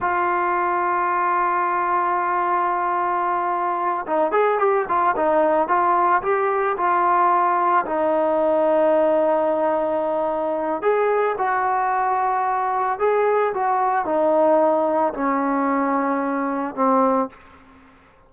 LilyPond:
\new Staff \with { instrumentName = "trombone" } { \time 4/4 \tempo 4 = 111 f'1~ | f'2.~ f'8 dis'8 | gis'8 g'8 f'8 dis'4 f'4 g'8~ | g'8 f'2 dis'4.~ |
dis'1 | gis'4 fis'2. | gis'4 fis'4 dis'2 | cis'2. c'4 | }